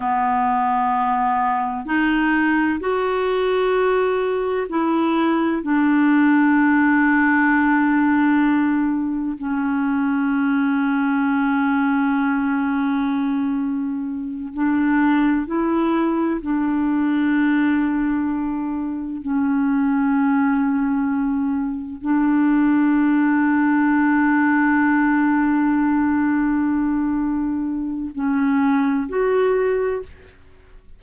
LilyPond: \new Staff \with { instrumentName = "clarinet" } { \time 4/4 \tempo 4 = 64 b2 dis'4 fis'4~ | fis'4 e'4 d'2~ | d'2 cis'2~ | cis'2.~ cis'8 d'8~ |
d'8 e'4 d'2~ d'8~ | d'8 cis'2. d'8~ | d'1~ | d'2 cis'4 fis'4 | }